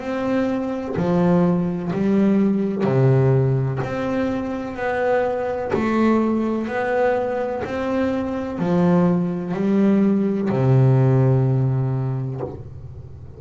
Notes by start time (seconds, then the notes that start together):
0.00 C4
0.96 F3
1.93 G3
2.84 C3
3.83 C4
4.76 B3
5.73 A3
6.68 B3
7.64 C4
8.59 F3
9.54 G3
10.50 C3